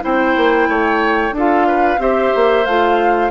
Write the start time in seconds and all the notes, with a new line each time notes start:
0.00 C4 E4 C5 G5
0.36 A#3
0.68 A3 C#5
1.31 D4 F4 A4
1.38 F5
1.67 B4
1.98 C4 G4 C5 E5
2.35 A#3
2.65 A3 F4 F5